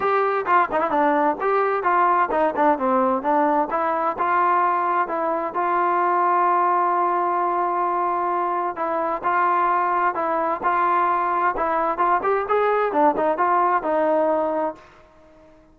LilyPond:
\new Staff \with { instrumentName = "trombone" } { \time 4/4 \tempo 4 = 130 g'4 f'8 dis'16 e'16 d'4 g'4 | f'4 dis'8 d'8 c'4 d'4 | e'4 f'2 e'4 | f'1~ |
f'2. e'4 | f'2 e'4 f'4~ | f'4 e'4 f'8 g'8 gis'4 | d'8 dis'8 f'4 dis'2 | }